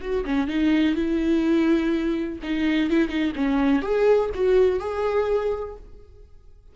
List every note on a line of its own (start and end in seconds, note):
0.00 0.24 F#4
0.25 0.47 C#4
0.47 0.95 D#4
0.95 2.39 E4
2.42 2.89 D#4
2.89 3.08 E4
3.08 3.32 D#4
3.35 3.82 C#4
3.82 4.30 G#4
4.34 4.79 F#4
4.79 5.75 G#4